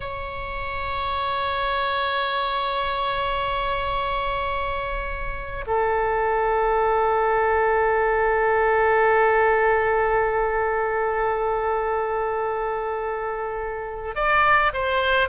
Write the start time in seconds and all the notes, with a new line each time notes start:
0.00 C#5
5.67 A4
14.15 D5
14.73 C5